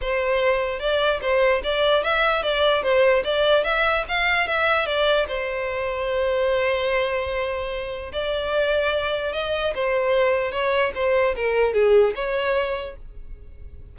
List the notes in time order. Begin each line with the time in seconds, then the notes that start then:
0.01 C5
0.79 D5
1.21 C5
1.63 D5
2.03 E5
2.43 D5
2.82 C5
3.24 D5
3.64 E5
4.08 F5
4.47 E5
4.86 D5
5.28 C5
8.12 D5
9.32 D#5
9.74 C5
10.51 C#5
10.94 C5
11.36 A#4
11.73 G#4
12.15 C#5